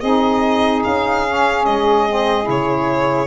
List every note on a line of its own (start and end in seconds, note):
0.00 0.84 C4
0.00 1.26 D#4
0.00 3.27 G#4
0.00 0.83 D#5
0.83 1.66 C#4
0.83 1.65 F5
1.26 2.08 C#4
1.65 2.48 G#3
1.65 2.47 D#5
2.08 2.43 C4
2.43 3.27 C#3
2.43 3.26 E4
2.50 3.27 C#5